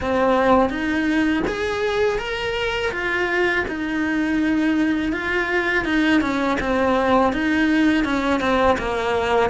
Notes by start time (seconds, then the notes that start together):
0.00 C4
0.69 D#4
1.47 G#4
2.18 A#4
2.91 F4
3.68 D#4
5.12 F4
5.84 D#4
6.21 C#4
6.60 C4
7.32 D#4
8.04 C#4
8.40 C4
8.78 A#3